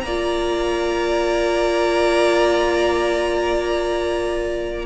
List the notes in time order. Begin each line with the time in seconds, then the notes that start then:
0.00 A#3 D5 A#5
0.08 F4